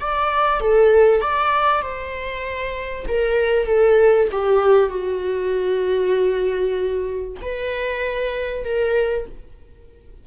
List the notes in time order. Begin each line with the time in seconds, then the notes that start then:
0.00 D5
0.60 A4
1.21 D5
1.82 C5
3.08 A#4
3.66 A4
4.31 G4
4.89 F#4
7.42 B4
8.64 A#4